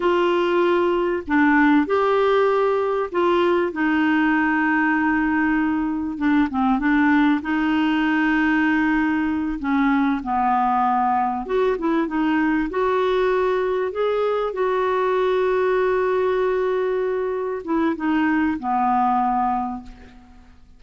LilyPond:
\new Staff \with { instrumentName = "clarinet" } { \time 4/4 \tempo 4 = 97 f'2 d'4 g'4~ | g'4 f'4 dis'2~ | dis'2 d'8 c'8 d'4 | dis'2.~ dis'8 cis'8~ |
cis'8 b2 fis'8 e'8 dis'8~ | dis'8 fis'2 gis'4 fis'8~ | fis'1~ | fis'8 e'8 dis'4 b2 | }